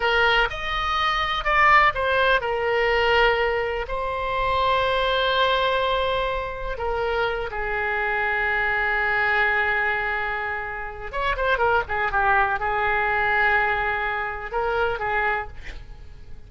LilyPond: \new Staff \with { instrumentName = "oboe" } { \time 4/4 \tempo 4 = 124 ais'4 dis''2 d''4 | c''4 ais'2. | c''1~ | c''2 ais'4. gis'8~ |
gis'1~ | gis'2. cis''8 c''8 | ais'8 gis'8 g'4 gis'2~ | gis'2 ais'4 gis'4 | }